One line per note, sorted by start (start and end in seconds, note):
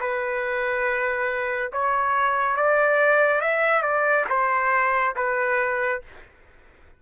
0.00 1.71 B4
1.73 2.56 C#5
2.56 3.41 D5
3.41 3.82 E5
3.82 4.25 D5
4.29 5.15 C5
5.16 6.02 B4